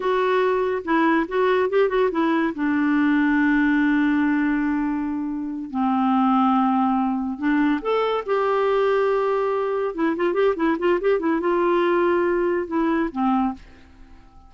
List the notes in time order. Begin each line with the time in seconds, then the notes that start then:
0.00 F#4
0.84 E4
1.28 F#4
1.69 G4
1.88 F#4
2.11 E4
2.55 D4
5.70 C4
7.38 D4
7.81 A4
8.25 G4
9.94 E4
10.16 F4
10.33 G4
10.56 E4
10.78 F4
11.00 G4
11.19 E4
11.40 F4
12.67 E4
13.12 C4